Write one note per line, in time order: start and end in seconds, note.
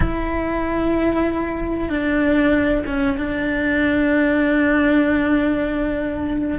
0.00 1.89 E4
1.89 2.84 D4
2.86 3.17 C#4
3.17 6.59 D4